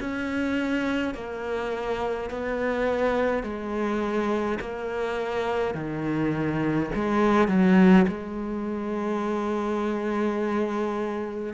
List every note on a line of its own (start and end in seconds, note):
0.00 1.15 C#4
1.15 2.30 A#3
2.30 3.44 B3
3.44 4.59 G#3
4.60 5.75 A#3
5.75 6.90 D#3
6.95 7.48 G#3
7.48 8.06 F#3
8.08 11.54 G#3